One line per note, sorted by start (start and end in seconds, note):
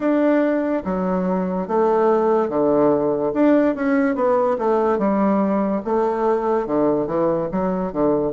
0.00 0.83 D4
0.84 1.67 F#3
1.67 2.48 A3
2.48 3.32 D3
3.33 3.75 D4
3.75 4.15 C#4
4.15 4.56 B3
4.58 4.98 A3
4.98 5.81 G3
5.84 6.66 A3
6.66 7.06 D3
7.06 7.48 E3
7.51 7.92 F#3
7.92 8.32 D3